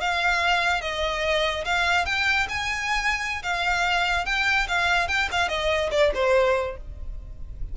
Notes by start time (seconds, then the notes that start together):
0.00 F5
0.81 D#5
1.65 F5
2.05 G5
2.49 G#5
3.43 F5
4.25 G5
4.68 F5
5.08 G5
5.31 F5
5.48 D#5
5.91 D5
6.14 C5